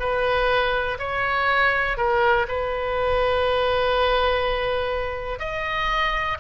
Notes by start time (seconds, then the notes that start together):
0.00 B4
0.99 C#5
1.98 A#4
2.48 B4
5.39 D#5